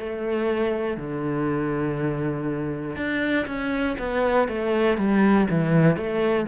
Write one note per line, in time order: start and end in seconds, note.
0.00 0.98 A3
0.98 2.97 D3
2.97 3.47 D4
3.47 3.97 C#4
3.99 4.49 B3
4.49 4.98 A3
4.98 5.48 G3
5.50 5.97 E3
5.97 6.47 A3